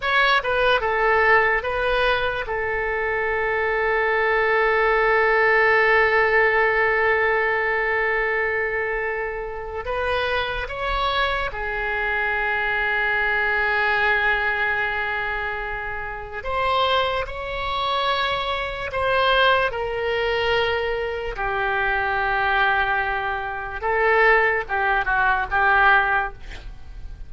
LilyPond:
\new Staff \with { instrumentName = "oboe" } { \time 4/4 \tempo 4 = 73 cis''8 b'8 a'4 b'4 a'4~ | a'1~ | a'1 | b'4 cis''4 gis'2~ |
gis'1 | c''4 cis''2 c''4 | ais'2 g'2~ | g'4 a'4 g'8 fis'8 g'4 | }